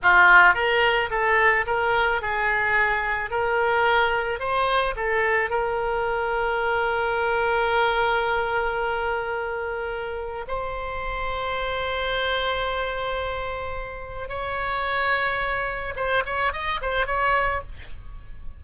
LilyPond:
\new Staff \with { instrumentName = "oboe" } { \time 4/4 \tempo 4 = 109 f'4 ais'4 a'4 ais'4 | gis'2 ais'2 | c''4 a'4 ais'2~ | ais'1~ |
ais'2. c''4~ | c''1~ | c''2 cis''2~ | cis''4 c''8 cis''8 dis''8 c''8 cis''4 | }